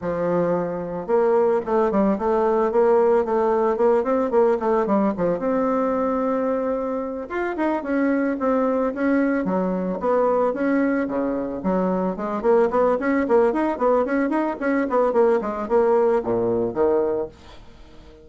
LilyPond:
\new Staff \with { instrumentName = "bassoon" } { \time 4/4 \tempo 4 = 111 f2 ais4 a8 g8 | a4 ais4 a4 ais8 c'8 | ais8 a8 g8 f8 c'2~ | c'4. f'8 dis'8 cis'4 c'8~ |
c'8 cis'4 fis4 b4 cis'8~ | cis'8 cis4 fis4 gis8 ais8 b8 | cis'8 ais8 dis'8 b8 cis'8 dis'8 cis'8 b8 | ais8 gis8 ais4 ais,4 dis4 | }